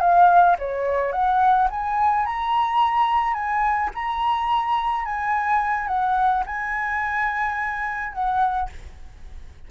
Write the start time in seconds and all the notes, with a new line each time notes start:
0.00 F5
0.58 C#5
1.12 F#5
1.70 G#5
2.25 A#5
3.34 G#5
3.94 A#5
5.05 G#5
5.87 F#5
6.46 G#5
8.13 F#5